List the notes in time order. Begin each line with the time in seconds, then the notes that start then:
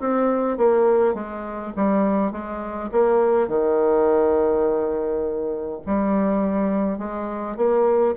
0.00 C4
0.58 A#3
1.15 G#3
1.77 G3
2.32 G#3
2.92 A#3
3.48 D#3
5.86 G3
6.99 G#3
7.57 A#3